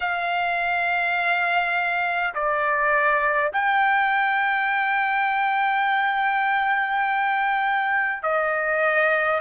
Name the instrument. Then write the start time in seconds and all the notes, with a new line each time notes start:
trumpet
0.00 F5
2.34 D5
3.52 G5
8.22 D#5